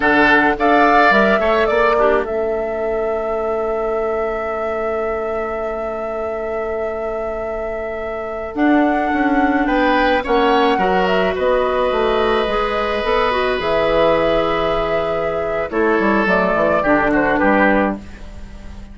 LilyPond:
<<
  \new Staff \with { instrumentName = "flute" } { \time 4/4 \tempo 4 = 107 fis''4 f''4 e''4 d''4 | e''1~ | e''1~ | e''2.~ e''16 fis''8.~ |
fis''4~ fis''16 g''4 fis''4. e''16~ | e''16 dis''2.~ dis''8.~ | dis''16 e''2.~ e''8. | cis''4 d''4. c''8 b'4 | }
  \new Staff \with { instrumentName = "oboe" } { \time 4/4 a'4 d''4. cis''8 d''8 d'8 | a'1~ | a'1~ | a'1~ |
a'4~ a'16 b'4 cis''4 ais'8.~ | ais'16 b'2.~ b'8.~ | b'1 | a'2 g'8 fis'8 g'4 | }
  \new Staff \with { instrumentName = "clarinet" } { \time 4/4 d'4 a'4 ais'8 a'4 g'8 | cis'1~ | cis'1~ | cis'2.~ cis'16 d'8.~ |
d'2~ d'16 cis'4 fis'8.~ | fis'2~ fis'16 gis'4 a'8 fis'16~ | fis'16 gis'2.~ gis'8. | e'4 a4 d'2 | }
  \new Staff \with { instrumentName = "bassoon" } { \time 4/4 d4 d'4 g8 a8 ais4 | a1~ | a1~ | a2.~ a16 d'8.~ |
d'16 cis'4 b4 ais4 fis8.~ | fis16 b4 a4 gis4 b8.~ | b16 e2.~ e8. | a8 g8 fis8 e8 d4 g4 | }
>>